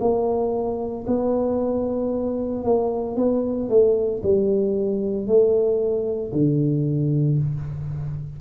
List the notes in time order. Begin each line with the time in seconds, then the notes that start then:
0.00 A#3
1.07 B3
2.64 A#3
3.16 B3
3.69 A3
4.23 G3
5.27 A3
6.33 D3